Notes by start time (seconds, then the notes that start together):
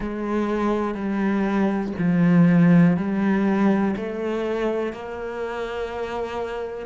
0.00 G#3
0.94 G3
1.98 F3
2.96 G3
3.96 A3
4.92 A#3